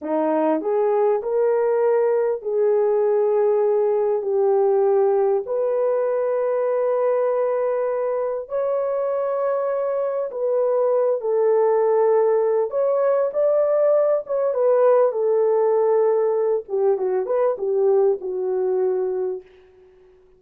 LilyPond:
\new Staff \with { instrumentName = "horn" } { \time 4/4 \tempo 4 = 99 dis'4 gis'4 ais'2 | gis'2. g'4~ | g'4 b'2.~ | b'2 cis''2~ |
cis''4 b'4. a'4.~ | a'4 cis''4 d''4. cis''8 | b'4 a'2~ a'8 g'8 | fis'8 b'8 g'4 fis'2 | }